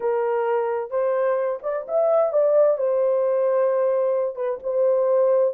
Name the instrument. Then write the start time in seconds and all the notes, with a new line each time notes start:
horn
0.00 A#4
0.90 C5
1.62 D5
1.88 E5
2.32 D5
2.77 C5
4.35 B4
4.63 C5